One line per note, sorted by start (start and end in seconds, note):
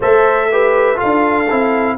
0.00 0.96 A3
0.00 0.50 A4
0.00 0.47 C5
0.00 0.99 E5
0.51 0.95 G4
0.51 0.97 B4
0.95 1.45 F4
0.95 1.96 A4
0.95 1.97 F5
1.02 1.50 D4
1.50 1.98 C4
1.50 1.98 E4